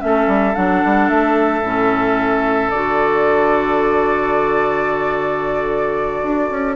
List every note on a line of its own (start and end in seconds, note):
0.00 0.28 A3
0.00 0.54 C#4
0.00 6.76 A4
0.00 0.55 E5
0.28 0.55 G3
0.55 0.84 F#3
0.55 1.63 D4
0.55 1.09 F#5
0.85 1.10 G3
1.09 1.62 A3
1.09 2.70 E5
1.62 2.70 A2
1.62 2.73 C#4
2.70 6.23 D3
2.70 6.76 F#4
2.70 6.76 D5
6.23 6.50 D4
6.51 6.76 C#4